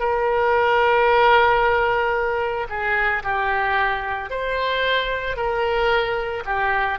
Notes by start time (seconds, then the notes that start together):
0.00 A#4
2.70 G#4
3.24 G4
4.31 C5
5.37 A#4
6.46 G4